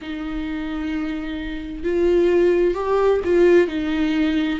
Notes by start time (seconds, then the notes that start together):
0.01 D#4
1.83 F4
2.74 G4
3.24 F4
3.67 D#4